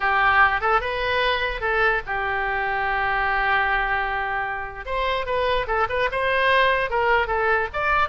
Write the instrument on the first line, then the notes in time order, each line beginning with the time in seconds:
oboe
0.00 G4
0.60 A4
0.80 B4
1.61 A4
2.06 G4
4.85 C5
5.26 B4
5.67 A4
5.89 B4
6.11 C5
6.90 A#4
7.27 A4
7.73 D5